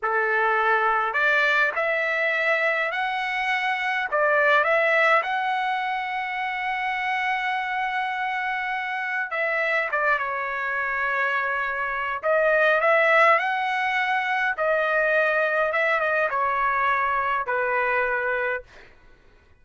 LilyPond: \new Staff \with { instrumentName = "trumpet" } { \time 4/4 \tempo 4 = 103 a'2 d''4 e''4~ | e''4 fis''2 d''4 | e''4 fis''2.~ | fis''1 |
e''4 d''8 cis''2~ cis''8~ | cis''4 dis''4 e''4 fis''4~ | fis''4 dis''2 e''8 dis''8 | cis''2 b'2 | }